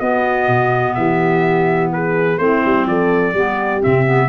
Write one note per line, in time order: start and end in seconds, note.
0.00 0.48 B3
0.00 2.38 B3
0.00 0.95 F#4
0.00 0.94 D#5
0.48 0.96 B2
0.94 2.38 E3
0.94 1.93 G4
0.94 1.90 E5
1.93 2.41 G#4
1.93 2.38 B4
2.38 2.62 A3
2.38 3.34 C4
2.38 2.88 E4
2.38 2.86 C5
2.65 2.86 G3
2.86 3.33 F3
2.86 3.33 A4
2.86 3.83 D5
3.33 3.82 G3
3.33 3.80 B3
3.33 4.28 G4
3.80 4.28 C3
3.80 4.04 C4
3.80 4.28 E5
4.05 4.28 B3